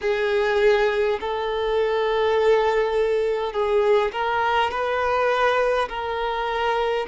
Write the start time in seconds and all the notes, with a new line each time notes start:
0.01 G#4
1.20 A4
3.52 G#4
4.12 A#4
4.71 B4
5.88 A#4